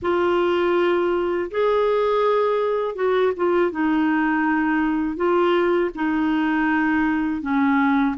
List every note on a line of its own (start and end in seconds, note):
0.02 1.50 F4
1.51 2.95 G#4
2.95 3.32 F#4
3.36 3.71 F4
3.71 5.16 D#4
5.16 5.90 F4
5.94 7.41 D#4
7.41 8.15 C#4